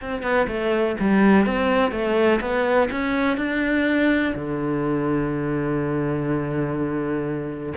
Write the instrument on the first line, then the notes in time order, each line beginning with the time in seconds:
cello
0.01 C4
0.22 B3
0.47 A3
0.99 G3
1.46 C4
1.91 A3
2.41 B3
2.90 C#4
3.37 D4
4.34 D3